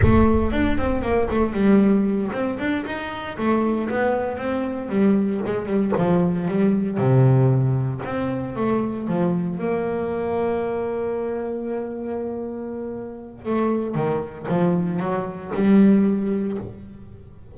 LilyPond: \new Staff \with { instrumentName = "double bass" } { \time 4/4 \tempo 4 = 116 a4 d'8 c'8 ais8 a8 g4~ | g8 c'8 d'8 dis'4 a4 b8~ | b8 c'4 g4 gis8 g8 f8~ | f8 g4 c2 c'8~ |
c'8 a4 f4 ais4.~ | ais1~ | ais2 a4 dis4 | f4 fis4 g2 | }